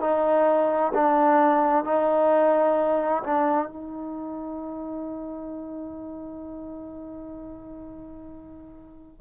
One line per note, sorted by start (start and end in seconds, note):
0.00 0.92 D#4
0.94 1.84 D4
1.84 3.23 D#4
3.23 3.67 D4
3.67 9.21 D#4